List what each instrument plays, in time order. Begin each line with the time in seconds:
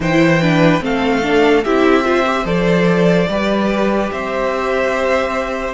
0.00 cello E3, viola E4, violin C5 G5
0.41 viola D4, violin B4
0.80 cello A3, viola C4, violin A4 F5
1.21 viola D4
1.64 cello C4, viola E4, violin G4 E5
2.04 viola F4, violin C5
2.25 viola G4
2.44 cello F3, viola A4, violin D5
3.28 cello G3, viola G4, violin B4
4.11 cello C4, violin C5 E5